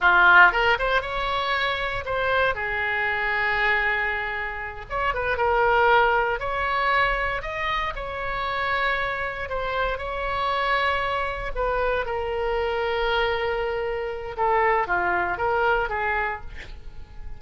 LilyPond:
\new Staff \with { instrumentName = "oboe" } { \time 4/4 \tempo 4 = 117 f'4 ais'8 c''8 cis''2 | c''4 gis'2.~ | gis'4. cis''8 b'8 ais'4.~ | ais'8 cis''2 dis''4 cis''8~ |
cis''2~ cis''8 c''4 cis''8~ | cis''2~ cis''8 b'4 ais'8~ | ais'1 | a'4 f'4 ais'4 gis'4 | }